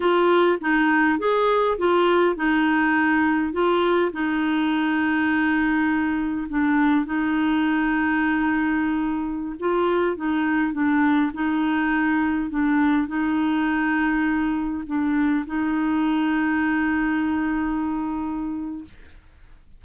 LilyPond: \new Staff \with { instrumentName = "clarinet" } { \time 4/4 \tempo 4 = 102 f'4 dis'4 gis'4 f'4 | dis'2 f'4 dis'4~ | dis'2. d'4 | dis'1~ |
dis'16 f'4 dis'4 d'4 dis'8.~ | dis'4~ dis'16 d'4 dis'4.~ dis'16~ | dis'4~ dis'16 d'4 dis'4.~ dis'16~ | dis'1 | }